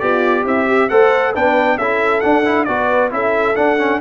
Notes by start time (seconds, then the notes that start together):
0.00 B3 F4 G4 D5
0.45 C4 E4 E5
0.68 G4
0.89 A3 A4 C5 F#5
1.33 B3 D4 B4 G5
1.77 C#4 E4 A4 E5
2.21 D4 F#5
2.45 E4
2.65 B3 F#4 B4 D5
3.11 C#4 E4 A4 E5
3.56 D4 F#5
3.79 C#4